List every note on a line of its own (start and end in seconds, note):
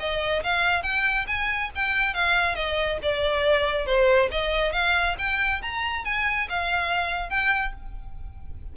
0.00 0.43 D#5
0.43 0.83 F5
0.83 1.26 G5
1.28 1.71 G#5
1.76 2.14 G5
2.14 2.55 F5
2.55 2.99 D#5
3.03 3.86 D5
3.86 4.29 C5
4.32 4.73 D#5
4.73 5.16 F5
5.19 5.62 G5
5.62 6.05 A#5
6.05 6.48 G#5
6.50 7.30 F5
7.30 7.73 G5